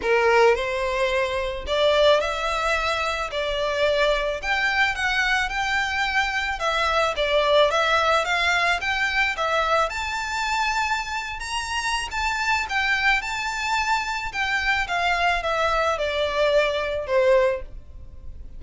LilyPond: \new Staff \with { instrumentName = "violin" } { \time 4/4 \tempo 4 = 109 ais'4 c''2 d''4 | e''2 d''2 | g''4 fis''4 g''2 | e''4 d''4 e''4 f''4 |
g''4 e''4 a''2~ | a''8. ais''4~ ais''16 a''4 g''4 | a''2 g''4 f''4 | e''4 d''2 c''4 | }